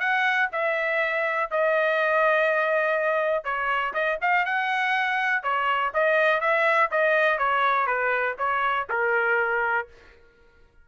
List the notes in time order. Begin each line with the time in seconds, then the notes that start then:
0.00 F#5
0.52 E5
1.51 D#5
3.45 C#5
3.94 D#5
4.22 F5
4.46 F#5
5.43 C#5
5.94 D#5
6.41 E5
6.91 D#5
7.39 C#5
7.87 B4
8.38 C#5
8.90 A#4